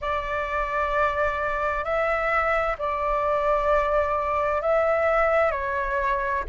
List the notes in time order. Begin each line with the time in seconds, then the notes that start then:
0.01 D5
1.84 E5
2.78 D5
4.62 E5
5.51 C#5